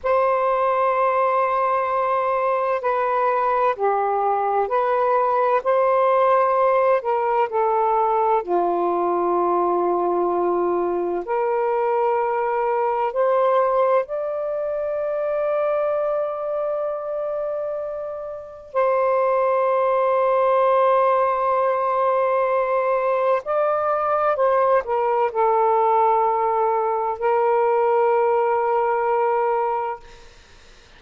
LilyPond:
\new Staff \with { instrumentName = "saxophone" } { \time 4/4 \tempo 4 = 64 c''2. b'4 | g'4 b'4 c''4. ais'8 | a'4 f'2. | ais'2 c''4 d''4~ |
d''1 | c''1~ | c''4 d''4 c''8 ais'8 a'4~ | a'4 ais'2. | }